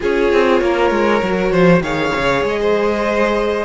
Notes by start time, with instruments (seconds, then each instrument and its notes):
0.00 cello C#4, viola F4, violin G#4 C#5
0.32 cello C4
0.61 cello A#3, violin A#4
0.90 cello G#3
1.22 cello F#3, viola F#4
1.51 cello F3, violin C5
1.80 cello D#3, viola G#4, violin C#5 F5
2.16 cello C#3
2.43 cello G#3, violin D#5
2.60 violin C5